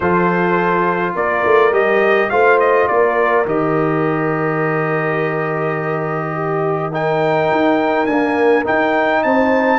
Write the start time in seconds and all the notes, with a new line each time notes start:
0.00 F3 F4 A4 C5
1.15 A#3 A#4 D5
1.45 A3
1.71 G3 G4 D#5
2.29 A3 F4 C5 F5
2.59 D#5
2.87 A#3 A#4 D5
3.45 D#3 G4 D#5
6.33 G4
6.92 D#4 A#4 G5
7.51 D#4
8.06 A#3 D4 G#5
8.64 D#4 G5
9.23 C4 C5 A5